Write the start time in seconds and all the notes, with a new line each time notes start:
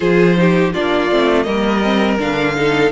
0.00 F3 F4 G#4 C5
0.36 D#4 G4
0.73 A#3 D4 F4 D5
1.10 A3 C4
1.43 G3 A#3 A#4 D#5
1.84 C4
2.18 D3 D4 F5
2.55 D#4 A4